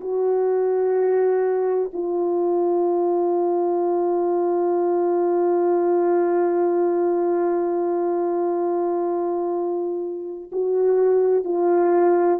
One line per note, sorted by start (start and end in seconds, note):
0.00 1.90 F#4
1.93 10.50 F4
10.52 11.44 F#4
11.44 12.39 F4